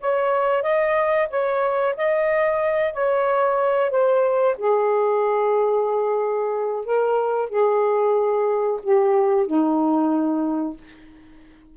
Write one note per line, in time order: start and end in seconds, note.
0.00 0.62 C#5
0.62 1.27 D#5
1.30 1.95 C#5
1.96 2.93 D#5
2.93 3.90 C#5
3.90 4.55 C5
4.57 6.85 G#4
6.85 7.49 A#4
7.49 8.80 G#4
8.83 9.46 G4
9.46 10.77 D#4